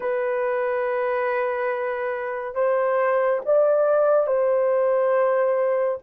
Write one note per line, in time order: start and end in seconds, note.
0.00 2.54 B4
2.54 3.40 C5
3.45 4.26 D5
4.26 5.98 C5